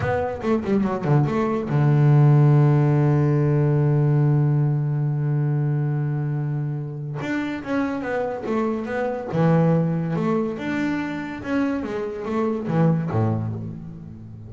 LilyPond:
\new Staff \with { instrumentName = "double bass" } { \time 4/4 \tempo 4 = 142 b4 a8 g8 fis8 d8 a4 | d1~ | d1~ | d1~ |
d4 d'4 cis'4 b4 | a4 b4 e2 | a4 d'2 cis'4 | gis4 a4 e4 a,4 | }